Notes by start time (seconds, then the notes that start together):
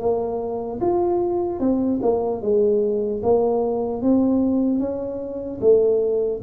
0.00 A#3
0.81 F4
1.60 C4
2.03 A#3
2.42 G#3
3.23 A#3
4.02 C4
4.80 C#4
5.61 A3